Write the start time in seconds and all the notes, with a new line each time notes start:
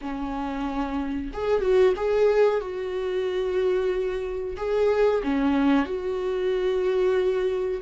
0.01 C#4
1.33 G#4
1.61 F#4
1.96 G#4
2.61 F#4
4.56 G#4
5.23 C#4
5.85 F#4